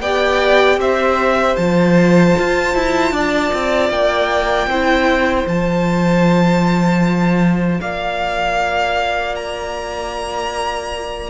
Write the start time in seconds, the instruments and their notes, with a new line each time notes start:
0.00 cello B3, viola G4, violin D5 G5
0.78 cello C4, violin C5 E5
1.57 cello F3, viola F4, violin A5
2.39 cello F4
2.75 cello E4
3.12 cello D4, violin D5
3.54 cello C4
3.90 cello A#3, violin G5
4.67 cello C4, viola E4, violin C5
5.47 cello F3, viola F4, violin A5
7.81 cello A#3, violin D5 F5
9.36 violin A#5